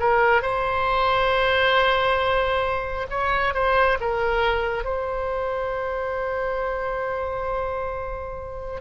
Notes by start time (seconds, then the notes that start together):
0.00 A#4
0.43 C5
3.11 C#5
3.55 C5
4.01 A#4
4.85 C5